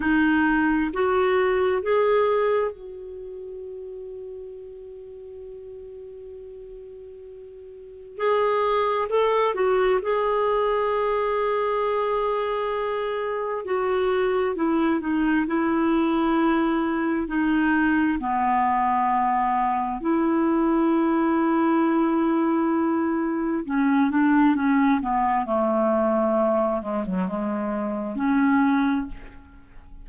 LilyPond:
\new Staff \with { instrumentName = "clarinet" } { \time 4/4 \tempo 4 = 66 dis'4 fis'4 gis'4 fis'4~ | fis'1~ | fis'4 gis'4 a'8 fis'8 gis'4~ | gis'2. fis'4 |
e'8 dis'8 e'2 dis'4 | b2 e'2~ | e'2 cis'8 d'8 cis'8 b8 | a4. gis16 fis16 gis4 cis'4 | }